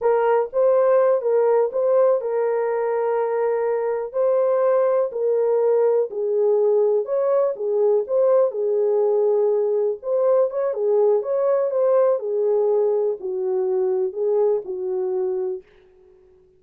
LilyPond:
\new Staff \with { instrumentName = "horn" } { \time 4/4 \tempo 4 = 123 ais'4 c''4. ais'4 c''8~ | c''8 ais'2.~ ais'8~ | ais'8 c''2 ais'4.~ | ais'8 gis'2 cis''4 gis'8~ |
gis'8 c''4 gis'2~ gis'8~ | gis'8 c''4 cis''8 gis'4 cis''4 | c''4 gis'2 fis'4~ | fis'4 gis'4 fis'2 | }